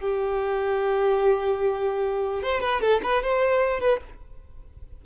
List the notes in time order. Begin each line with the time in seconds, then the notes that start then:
0.00 G4
2.43 C5
2.61 B4
2.81 A4
3.03 B4
3.23 C5
3.81 B4